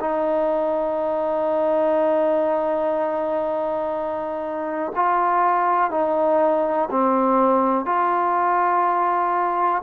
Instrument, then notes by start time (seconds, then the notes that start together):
trombone
0.00 D#4
4.95 F4
5.91 D#4
6.90 C4
7.85 F4